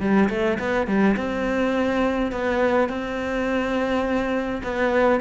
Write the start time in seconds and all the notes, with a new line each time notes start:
0.00 G3
0.29 A3
0.59 B3
0.87 G3
1.17 C4
2.32 B3
2.89 C4
4.63 B3